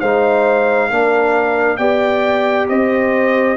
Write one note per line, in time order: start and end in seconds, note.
0.00 0.90 G#3
0.00 0.91 D#4
0.00 0.90 C5
0.00 1.77 F5
0.90 1.79 A#3
0.90 1.79 D4
0.90 1.79 A#4
1.77 2.68 B3
1.77 3.57 G4
1.77 2.68 D5
1.77 2.67 G5
2.69 3.57 C4
2.69 3.57 C5
2.69 3.57 D#5